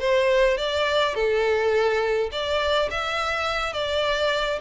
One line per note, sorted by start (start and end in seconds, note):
0.00 0.58 C5
0.58 1.15 D5
1.15 2.31 A4
2.32 2.90 D5
2.91 3.73 E5
3.73 4.60 D5